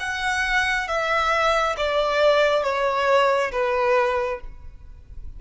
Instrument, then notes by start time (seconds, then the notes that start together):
violin
0.00 F#5
0.88 E5
1.77 D5
2.63 C#5
3.52 B4